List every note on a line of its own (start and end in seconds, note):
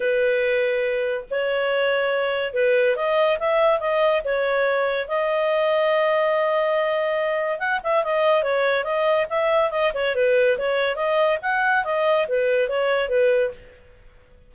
0.00 1.24 B4
1.30 2.53 C#5
2.53 2.96 B4
2.96 3.38 D#5
3.39 3.80 E5
3.80 4.22 D#5
4.24 5.08 C#5
5.08 7.59 D#5
7.59 7.80 F#5
7.83 8.04 E5
8.04 8.43 D#5
8.43 8.83 C#5
8.83 9.26 D#5
9.29 9.71 E5
9.71 9.92 D#5
9.94 10.15 C#5
10.15 10.57 B4
10.57 10.95 C#5
10.95 11.38 D#5
11.42 11.84 F#5
11.84 12.26 D#5
12.28 12.69 B4
12.69 13.09 C#5
13.09 13.51 B4